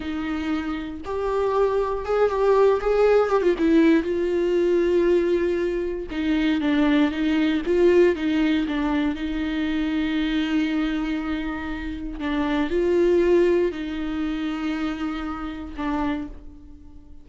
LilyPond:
\new Staff \with { instrumentName = "viola" } { \time 4/4 \tempo 4 = 118 dis'2 g'2 | gis'8 g'4 gis'4 g'16 f'16 e'4 | f'1 | dis'4 d'4 dis'4 f'4 |
dis'4 d'4 dis'2~ | dis'1 | d'4 f'2 dis'4~ | dis'2. d'4 | }